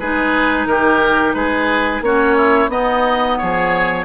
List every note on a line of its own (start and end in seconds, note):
0.00 0.67 G#3
0.00 2.04 D#4
0.00 0.68 G#4
0.00 0.67 B4
0.67 1.35 D#3
0.67 1.36 G4
0.67 1.34 A#4
1.34 2.01 G#3
1.34 2.04 G#4
1.34 2.02 B4
2.01 2.68 A#3
2.01 2.69 C#4
2.01 2.37 F#4
2.01 2.71 C#5
2.37 2.70 E4
2.68 3.37 B3
2.68 4.06 B3
2.68 3.38 D#4
2.68 3.38 D#5
3.38 4.06 F3
3.38 4.06 G#4
3.38 4.06 C#5